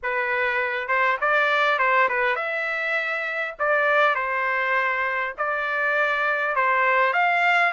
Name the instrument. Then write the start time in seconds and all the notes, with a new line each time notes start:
trumpet
0.03 B4
0.87 C5
1.20 D5
1.78 C5
2.08 B4
2.35 E5
3.59 D5
4.15 C5
5.37 D5
6.55 C5
7.13 F5